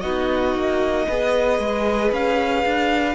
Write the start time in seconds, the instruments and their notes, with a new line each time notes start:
0.00 cello B3, viola D#4, violin F#4 D#5
0.54 cello A#3
1.07 cello B3, viola G#4, violin B4
1.59 cello G#3
2.12 cello C#4, violin F5
2.65 cello D4